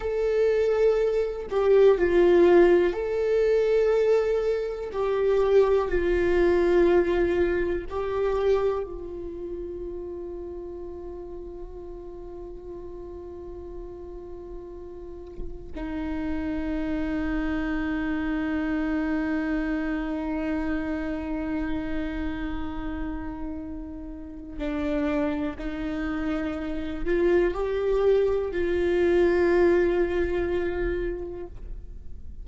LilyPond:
\new Staff \with { instrumentName = "viola" } { \time 4/4 \tempo 4 = 61 a'4. g'8 f'4 a'4~ | a'4 g'4 f'2 | g'4 f'2.~ | f'1 |
dis'1~ | dis'1~ | dis'4 d'4 dis'4. f'8 | g'4 f'2. | }